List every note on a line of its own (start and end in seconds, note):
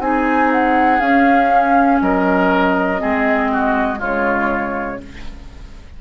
0.00 1.00 C4
0.00 1.01 D#4
0.00 2.03 G#4
0.00 0.51 G#5
0.52 1.00 F#5
1.00 2.01 C#4
1.00 2.98 C#4
1.00 2.00 F5
2.01 3.01 F#3
2.01 3.01 A#4
2.01 4.01 D#5
2.98 4.01 G#3
2.98 3.98 C4
2.98 3.51 G#4
3.52 3.99 F#4
3.98 5.01 C#3
3.98 4.98 G#3
3.98 4.99 F4
3.98 5.01 C#5